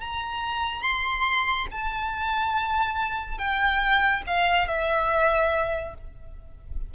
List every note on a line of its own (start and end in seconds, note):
0.00 0.82 A#5
0.82 1.67 C6
1.71 3.38 A5
3.38 4.22 G5
4.26 4.67 F5
4.67 5.94 E5